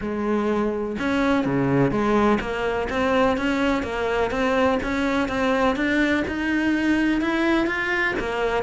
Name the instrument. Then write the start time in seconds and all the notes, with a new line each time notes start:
cello
0.01 G#3
0.98 C#4
1.45 C#3
1.91 G#3
2.40 A#3
2.89 C4
3.37 C#4
3.83 A#3
4.30 C4
4.82 C#4
5.28 C4
5.76 D4
6.27 D#4
7.21 E4
7.66 F4
8.19 A#3